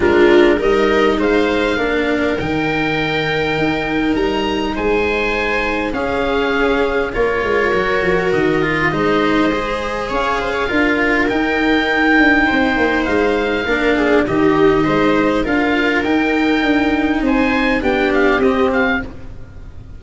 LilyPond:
<<
  \new Staff \with { instrumentName = "oboe" } { \time 4/4 \tempo 4 = 101 ais'4 dis''4 f''2 | g''2. ais''4 | gis''2 f''2 | cis''2 dis''2~ |
dis''4 f''2 g''4~ | g''2 f''2 | dis''2 f''4 g''4~ | g''4 gis''4 g''8 f''8 dis''8 f''8 | }
  \new Staff \with { instrumentName = "viola" } { \time 4/4 f'4 ais'4 c''4 ais'4~ | ais'1 | c''2 gis'2 | ais'2. c''4~ |
c''4 cis''8 c''16 cis''16 ais'2~ | ais'4 c''2 ais'8 gis'8 | g'4 c''4 ais'2~ | ais'4 c''4 g'2 | }
  \new Staff \with { instrumentName = "cello" } { \time 4/4 d'4 dis'2 d'4 | dis'1~ | dis'2 cis'2 | f'4 fis'4. f'8 dis'4 |
gis'2 f'4 dis'4~ | dis'2. d'4 | dis'2 f'4 dis'4~ | dis'2 d'4 c'4 | }
  \new Staff \with { instrumentName = "tuba" } { \time 4/4 gis4 g4 gis4 ais4 | dis2 dis'4 g4 | gis2 cis'2 | ais8 gis8 fis8 f8 dis4 gis4~ |
gis4 cis'4 d'4 dis'4~ | dis'8 d'8 c'8 ais8 gis4 ais4 | dis4 gis4 d'4 dis'4 | d'4 c'4 b4 c'4 | }
>>